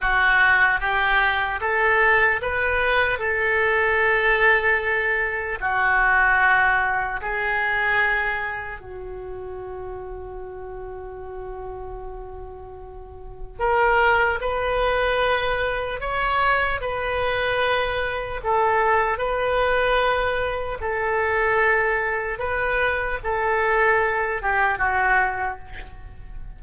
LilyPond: \new Staff \with { instrumentName = "oboe" } { \time 4/4 \tempo 4 = 75 fis'4 g'4 a'4 b'4 | a'2. fis'4~ | fis'4 gis'2 fis'4~ | fis'1~ |
fis'4 ais'4 b'2 | cis''4 b'2 a'4 | b'2 a'2 | b'4 a'4. g'8 fis'4 | }